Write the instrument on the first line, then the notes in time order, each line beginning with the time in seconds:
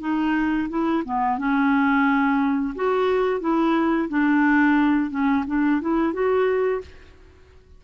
clarinet
0.00 D#4
0.69 E4
1.05 B3
1.38 C#4
2.75 F#4
3.40 E4
4.09 D4
5.10 C#4
5.47 D4
5.81 E4
6.13 F#4